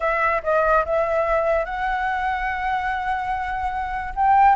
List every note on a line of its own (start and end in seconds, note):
0.00 0.41 E5
0.43 0.84 D#5
0.85 1.65 E5
1.65 4.13 F#5
4.15 4.55 G5